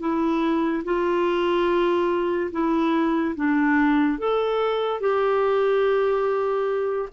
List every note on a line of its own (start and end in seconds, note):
0.00 0.83 E4
0.84 2.51 F4
2.52 3.35 E4
3.36 4.19 D4
4.19 5.00 A4
5.00 7.09 G4